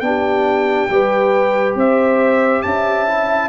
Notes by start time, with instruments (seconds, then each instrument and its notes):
0.00 tuba B3, trombone D4, horn G4, trumpet G5
0.89 tuba G3, trombone G4, horn B4
1.75 tuba C4, horn C5, trumpet E5
2.62 tuba C#4, horn E5, trumpet A5
3.07 trombone E4